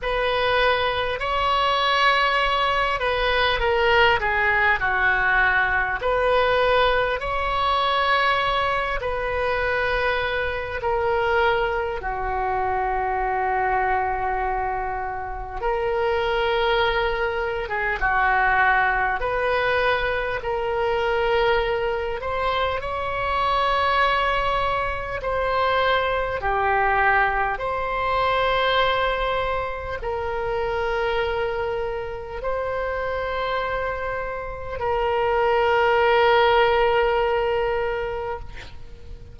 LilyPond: \new Staff \with { instrumentName = "oboe" } { \time 4/4 \tempo 4 = 50 b'4 cis''4. b'8 ais'8 gis'8 | fis'4 b'4 cis''4. b'8~ | b'4 ais'4 fis'2~ | fis'4 ais'4.~ ais'16 gis'16 fis'4 |
b'4 ais'4. c''8 cis''4~ | cis''4 c''4 g'4 c''4~ | c''4 ais'2 c''4~ | c''4 ais'2. | }